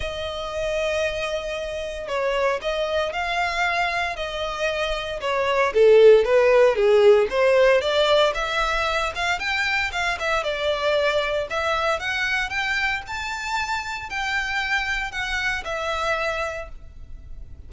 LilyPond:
\new Staff \with { instrumentName = "violin" } { \time 4/4 \tempo 4 = 115 dis''1 | cis''4 dis''4 f''2 | dis''2 cis''4 a'4 | b'4 gis'4 c''4 d''4 |
e''4. f''8 g''4 f''8 e''8 | d''2 e''4 fis''4 | g''4 a''2 g''4~ | g''4 fis''4 e''2 | }